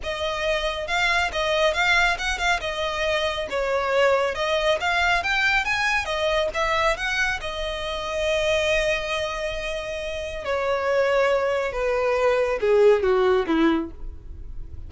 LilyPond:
\new Staff \with { instrumentName = "violin" } { \time 4/4 \tempo 4 = 138 dis''2 f''4 dis''4 | f''4 fis''8 f''8 dis''2 | cis''2 dis''4 f''4 | g''4 gis''4 dis''4 e''4 |
fis''4 dis''2.~ | dis''1 | cis''2. b'4~ | b'4 gis'4 fis'4 e'4 | }